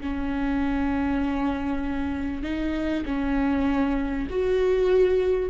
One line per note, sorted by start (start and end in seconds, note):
0.00 2.42 C#4
2.42 3.04 D#4
3.05 4.28 C#4
4.30 5.50 F#4